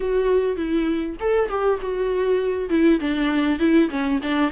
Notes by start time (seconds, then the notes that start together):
0.00 F#4
0.56 E4
1.19 A4
1.49 G4
1.81 F#4
2.69 E4
2.99 D4
3.59 E4
3.89 C#4
4.22 D4